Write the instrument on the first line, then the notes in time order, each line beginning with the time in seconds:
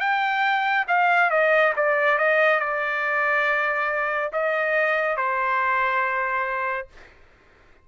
trumpet
0.00 G5
0.88 F5
1.31 D#5
1.76 D5
2.19 D#5
2.60 D5
4.33 D#5
5.17 C5